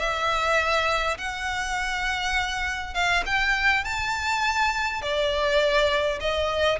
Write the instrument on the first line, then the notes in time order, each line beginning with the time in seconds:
violin
0.00 E5
1.18 F#5
2.94 F5
3.26 G5
3.85 A5
5.02 D5
6.21 D#5